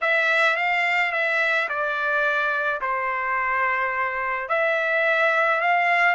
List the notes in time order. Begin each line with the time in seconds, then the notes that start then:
0.01 E5
0.56 F5
1.12 E5
1.68 D5
2.81 C5
4.49 E5
5.60 F5